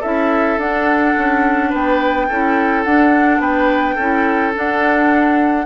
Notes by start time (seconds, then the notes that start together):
0.00 C#4 E4 A4 E5
0.57 D4 F#5
1.17 C#4
1.69 B3 B4 G5
2.28 C#4 E4 A4
2.84 D4 F#5
3.39 B3 B4 G5
3.95 C#4 E4 A4
4.53 D4 F#5